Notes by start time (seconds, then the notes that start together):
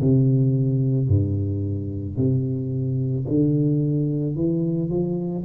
0.00 C3
1.08 G2
2.16 C3
3.27 D3
4.35 E3
4.89 F3